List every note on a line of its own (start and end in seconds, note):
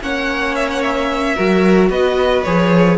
0.00 1.35 A#3
0.00 1.36 C#4
0.00 1.35 C#5
0.00 0.55 F#5
0.55 0.68 E5
0.70 0.82 F#5
0.82 1.90 E5
1.35 1.89 F#3
1.35 2.44 F#4
1.35 1.89 A#4
1.89 2.43 B3
1.89 2.98 B4
1.89 2.43 D#5
2.43 2.98 F3
2.43 2.98 G#4
2.43 2.97 C#5